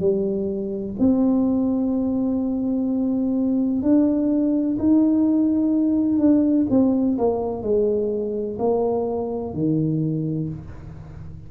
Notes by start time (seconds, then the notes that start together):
0.00 G3
1.00 C4
3.83 D4
4.79 D#4
6.19 D4
6.70 C4
7.18 A#3
7.63 G#3
8.59 A#3
9.54 D#3